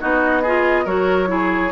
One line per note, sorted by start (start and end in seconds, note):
0.00 0.85 B3
0.00 0.43 D#4
0.00 0.42 F#4
0.00 0.86 D#5
0.42 0.86 F4
0.42 0.85 G#4
0.85 1.72 F#3
0.85 1.27 F#4
0.85 1.28 A#4
0.85 1.72 C#5
1.27 1.70 E4
1.27 1.72 G#4